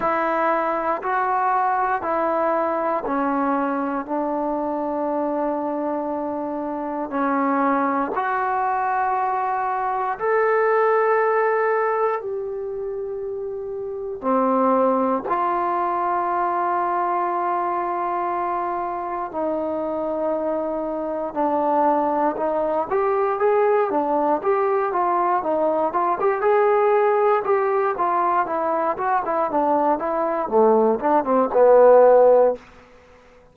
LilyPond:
\new Staff \with { instrumentName = "trombone" } { \time 4/4 \tempo 4 = 59 e'4 fis'4 e'4 cis'4 | d'2. cis'4 | fis'2 a'2 | g'2 c'4 f'4~ |
f'2. dis'4~ | dis'4 d'4 dis'8 g'8 gis'8 d'8 | g'8 f'8 dis'8 f'16 g'16 gis'4 g'8 f'8 | e'8 fis'16 e'16 d'8 e'8 a8 d'16 c'16 b4 | }